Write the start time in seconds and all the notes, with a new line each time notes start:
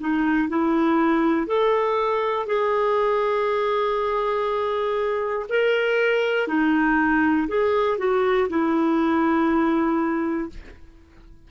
0.00 D#4
0.49 E4
1.47 A4
2.46 G#4
5.49 A#4
6.48 D#4
7.48 G#4
7.98 F#4
8.49 E4